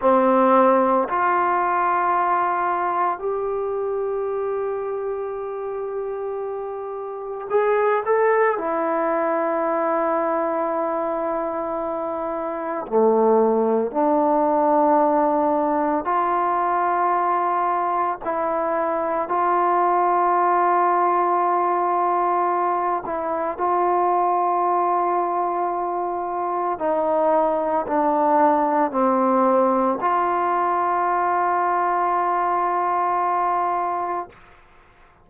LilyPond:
\new Staff \with { instrumentName = "trombone" } { \time 4/4 \tempo 4 = 56 c'4 f'2 g'4~ | g'2. gis'8 a'8 | e'1 | a4 d'2 f'4~ |
f'4 e'4 f'2~ | f'4. e'8 f'2~ | f'4 dis'4 d'4 c'4 | f'1 | }